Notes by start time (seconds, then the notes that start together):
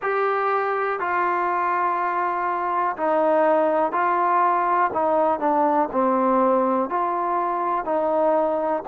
0.02 G4
0.99 F4
2.96 D#4
3.92 F4
4.93 D#4
5.39 D4
5.92 C4
6.89 F4
7.84 D#4